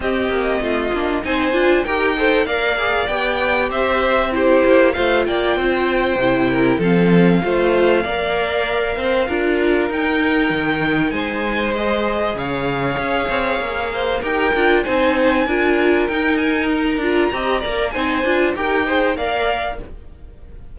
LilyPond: <<
  \new Staff \with { instrumentName = "violin" } { \time 4/4 \tempo 4 = 97 dis''2 gis''4 g''4 | f''4 g''4 e''4 c''4 | f''8 g''2~ g''8 f''4~ | f''1 |
g''2 gis''4 dis''4 | f''2. g''4 | gis''2 g''8 gis''8 ais''4~ | ais''4 gis''4 g''4 f''4 | }
  \new Staff \with { instrumentName = "violin" } { \time 4/4 g'4 f'4 c''4 ais'8 c''8 | d''2 c''4 g'4 | c''8 d''8 c''4. ais'8 a'4 | c''4 d''4. c''8 ais'4~ |
ais'2 c''2 | cis''2~ cis''8 c''8 ais'4 | c''4 ais'2. | dis''8 d''8 c''4 ais'8 c''8 d''4 | }
  \new Staff \with { instrumentName = "viola" } { \time 4/4 c'4. d'8 dis'8 f'8 g'8 a'8 | ais'8 gis'8 g'2 e'4 | f'2 e'4 c'4 | f'4 ais'2 f'4 |
dis'2. gis'4~ | gis'2. g'8 f'8 | dis'4 f'4 dis'4. f'8 | g'8 ais'8 dis'8 f'8 g'8 gis'8 ais'4 | }
  \new Staff \with { instrumentName = "cello" } { \time 4/4 c'8 ais8 a8 ais8 c'8 d'8 dis'4 | ais4 b4 c'4. ais8 | a8 ais8 c'4 c4 f4 | a4 ais4. c'8 d'4 |
dis'4 dis4 gis2 | cis4 cis'8 c'8 ais4 dis'8 d'8 | c'4 d'4 dis'4. d'8 | c'8 ais8 c'8 d'8 dis'4 ais4 | }
>>